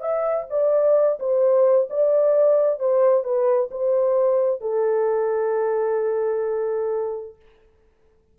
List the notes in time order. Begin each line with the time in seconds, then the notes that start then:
0.00 E5
0.50 D5
1.19 C5
1.89 D5
2.79 C5
3.23 B4
3.71 C5
4.61 A4